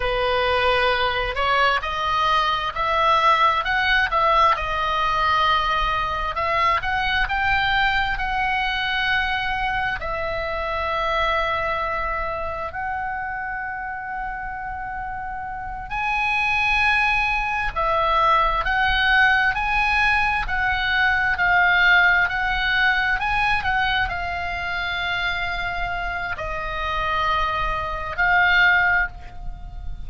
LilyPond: \new Staff \with { instrumentName = "oboe" } { \time 4/4 \tempo 4 = 66 b'4. cis''8 dis''4 e''4 | fis''8 e''8 dis''2 e''8 fis''8 | g''4 fis''2 e''4~ | e''2 fis''2~ |
fis''4. gis''2 e''8~ | e''8 fis''4 gis''4 fis''4 f''8~ | f''8 fis''4 gis''8 fis''8 f''4.~ | f''4 dis''2 f''4 | }